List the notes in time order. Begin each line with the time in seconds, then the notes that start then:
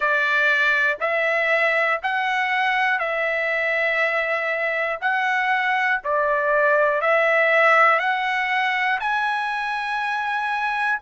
0.00 D5
1.00 E5
2.03 F#5
2.99 E5
5.00 F#5
6.04 D5
7.00 E5
7.99 F#5
9.00 G#5